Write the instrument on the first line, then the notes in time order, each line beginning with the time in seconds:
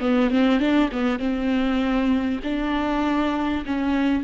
viola
0.00 B3
0.30 C4
0.59 D4
0.92 B3
1.19 C4
2.44 D4
3.66 C#4